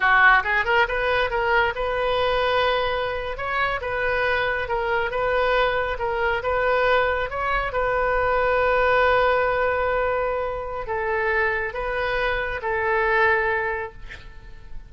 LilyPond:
\new Staff \with { instrumentName = "oboe" } { \time 4/4 \tempo 4 = 138 fis'4 gis'8 ais'8 b'4 ais'4 | b'2.~ b'8. cis''16~ | cis''8. b'2 ais'4 b'16~ | b'4.~ b'16 ais'4 b'4~ b'16~ |
b'8. cis''4 b'2~ b'16~ | b'1~ | b'4 a'2 b'4~ | b'4 a'2. | }